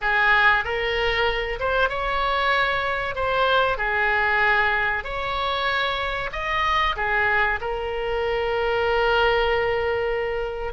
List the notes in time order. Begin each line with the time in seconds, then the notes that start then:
0.01 G#4
0.64 A#4
1.59 C5
1.89 C#5
3.15 C5
3.77 G#4
5.04 C#5
6.32 D#5
6.96 G#4
7.60 A#4